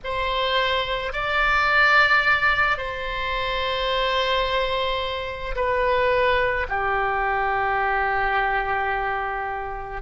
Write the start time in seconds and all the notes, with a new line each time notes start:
0.04 C5
1.13 D5
2.77 C5
5.55 B4
6.68 G4